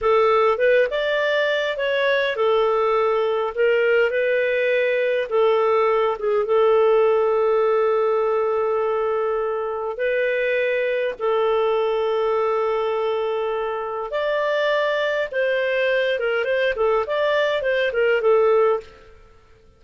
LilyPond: \new Staff \with { instrumentName = "clarinet" } { \time 4/4 \tempo 4 = 102 a'4 b'8 d''4. cis''4 | a'2 ais'4 b'4~ | b'4 a'4. gis'8 a'4~ | a'1~ |
a'4 b'2 a'4~ | a'1 | d''2 c''4. ais'8 | c''8 a'8 d''4 c''8 ais'8 a'4 | }